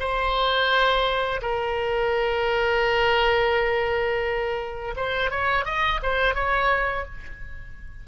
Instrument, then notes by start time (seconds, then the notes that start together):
oboe
0.00 C5
1.42 A#4
4.97 C5
5.31 C#5
5.65 D#5
6.03 C5
6.35 C#5